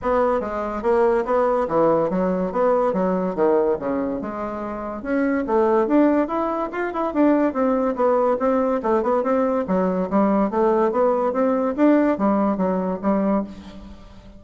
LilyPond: \new Staff \with { instrumentName = "bassoon" } { \time 4/4 \tempo 4 = 143 b4 gis4 ais4 b4 | e4 fis4 b4 fis4 | dis4 cis4 gis2 | cis'4 a4 d'4 e'4 |
f'8 e'8 d'4 c'4 b4 | c'4 a8 b8 c'4 fis4 | g4 a4 b4 c'4 | d'4 g4 fis4 g4 | }